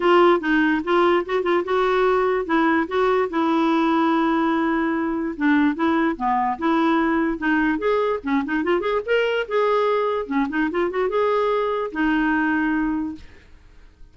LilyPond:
\new Staff \with { instrumentName = "clarinet" } { \time 4/4 \tempo 4 = 146 f'4 dis'4 f'4 fis'8 f'8 | fis'2 e'4 fis'4 | e'1~ | e'4 d'4 e'4 b4 |
e'2 dis'4 gis'4 | cis'8 dis'8 f'8 gis'8 ais'4 gis'4~ | gis'4 cis'8 dis'8 f'8 fis'8 gis'4~ | gis'4 dis'2. | }